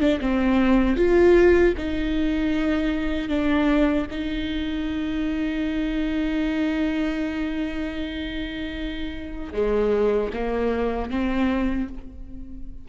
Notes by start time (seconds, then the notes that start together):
0.00 D4
0.20 C4
0.96 F4
1.77 D#4
3.28 D4
4.10 D#4
9.53 G#3
10.33 A#3
11.10 C4